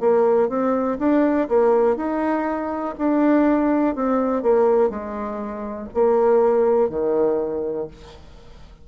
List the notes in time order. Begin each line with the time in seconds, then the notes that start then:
0.00 A#3
0.49 C4
0.99 D4
1.49 A#3
1.97 D#4
2.98 D4
3.96 C4
4.43 A#3
4.90 G#3
5.94 A#3
6.90 D#3